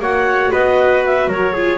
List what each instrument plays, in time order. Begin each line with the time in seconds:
0.00 double bass A#3, viola F#4, trumpet C#5, clarinet F#5
0.52 double bass B3, trumpet B4, clarinet D#5
1.06 clarinet E5
1.28 double bass F#3, trumpet A#4, clarinet C#5
1.54 viola F4, trumpet G#4